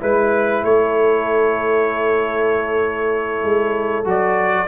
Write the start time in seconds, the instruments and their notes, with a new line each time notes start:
0.00 tuba G#3, trombone E4, horn B4, trumpet B4
0.64 tuba A3, horn A4, trumpet C#5
3.43 tuba G#3
4.05 tuba F#3, trombone F#4, trumpet D5